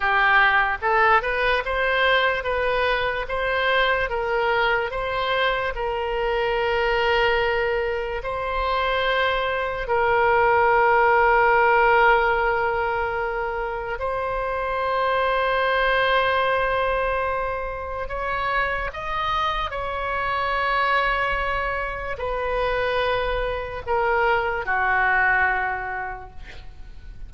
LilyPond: \new Staff \with { instrumentName = "oboe" } { \time 4/4 \tempo 4 = 73 g'4 a'8 b'8 c''4 b'4 | c''4 ais'4 c''4 ais'4~ | ais'2 c''2 | ais'1~ |
ais'4 c''2.~ | c''2 cis''4 dis''4 | cis''2. b'4~ | b'4 ais'4 fis'2 | }